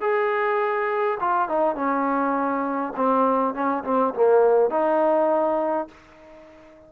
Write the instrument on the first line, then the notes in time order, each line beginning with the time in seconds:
trombone
0.00 G#4
1.20 F4
1.48 D#4
1.75 C#4
2.95 C4
3.54 C#4
3.84 C4
4.14 A#3
4.70 D#4